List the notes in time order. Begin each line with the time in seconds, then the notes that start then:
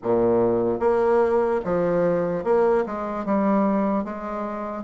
0.02 A#2
0.79 A#3
1.64 F3
2.44 A#3
2.86 G#3
3.25 G3
4.04 G#3